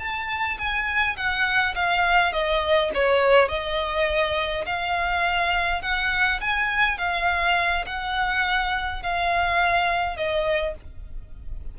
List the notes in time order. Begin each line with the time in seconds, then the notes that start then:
0.00 A5
0.59 G#5
1.17 F#5
1.76 F5
2.33 D#5
2.95 C#5
3.49 D#5
4.66 F5
5.83 F#5
6.41 G#5
6.98 F5
7.87 F#5
9.03 F5
10.17 D#5